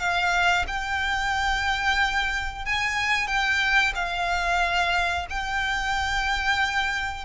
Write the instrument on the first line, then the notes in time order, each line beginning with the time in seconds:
violin
0.00 F5
0.68 G5
2.66 G#5
3.28 G5
3.95 F5
5.30 G5